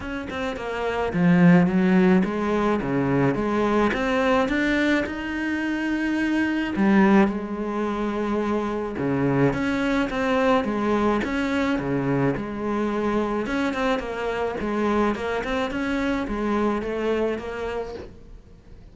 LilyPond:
\new Staff \with { instrumentName = "cello" } { \time 4/4 \tempo 4 = 107 cis'8 c'8 ais4 f4 fis4 | gis4 cis4 gis4 c'4 | d'4 dis'2. | g4 gis2. |
cis4 cis'4 c'4 gis4 | cis'4 cis4 gis2 | cis'8 c'8 ais4 gis4 ais8 c'8 | cis'4 gis4 a4 ais4 | }